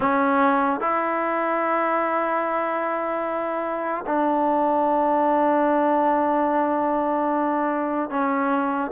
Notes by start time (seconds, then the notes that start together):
0.00 C#4
0.80 E4
4.06 D4
8.10 C#4